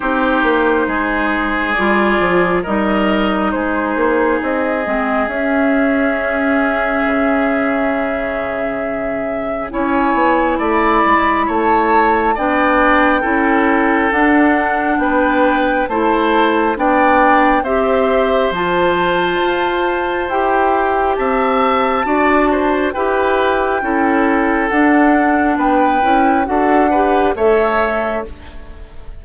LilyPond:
<<
  \new Staff \with { instrumentName = "flute" } { \time 4/4 \tempo 4 = 68 c''2 d''4 dis''4 | c''4 dis''4 e''2~ | e''2. gis''4 | b''4 a''4 g''2 |
fis''4 g''4 a''4 g''4 | e''4 a''2 g''4 | a''2 g''2 | fis''4 g''4 fis''4 e''4 | }
  \new Staff \with { instrumentName = "oboe" } { \time 4/4 g'4 gis'2 ais'4 | gis'1~ | gis'2. cis''4 | d''4 cis''4 d''4 a'4~ |
a'4 b'4 c''4 d''4 | c''1 | e''4 d''8 c''8 b'4 a'4~ | a'4 b'4 a'8 b'8 cis''4 | }
  \new Staff \with { instrumentName = "clarinet" } { \time 4/4 dis'2 f'4 dis'4~ | dis'4. c'8 cis'2~ | cis'2. e'4~ | e'2 d'4 e'4 |
d'2 e'4 d'4 | g'4 f'2 g'4~ | g'4 fis'4 g'4 e'4 | d'4. e'8 fis'8 g'8 a'4 | }
  \new Staff \with { instrumentName = "bassoon" } { \time 4/4 c'8 ais8 gis4 g8 f8 g4 | gis8 ais8 c'8 gis8 cis'2 | cis2. cis'8 b8 | a8 gis8 a4 b4 cis'4 |
d'4 b4 a4 b4 | c'4 f4 f'4 e'4 | c'4 d'4 e'4 cis'4 | d'4 b8 cis'8 d'4 a4 | }
>>